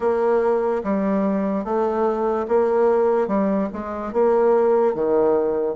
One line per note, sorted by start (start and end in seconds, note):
0.00 0.82 A#3
0.83 1.64 G3
1.64 2.46 A3
2.47 3.27 A#3
3.27 3.68 G3
3.72 4.12 G#3
4.12 4.94 A#3
4.94 5.75 D#3